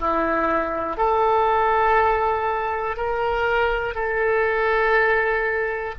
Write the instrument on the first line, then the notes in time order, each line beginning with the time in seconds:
oboe
0.00 E4
0.97 A4
2.97 A#4
3.95 A4